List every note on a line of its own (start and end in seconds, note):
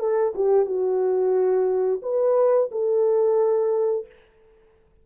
0.00 0.34 A4
0.35 0.66 G4
0.66 2.01 F#4
2.03 2.70 B4
2.72 4.07 A4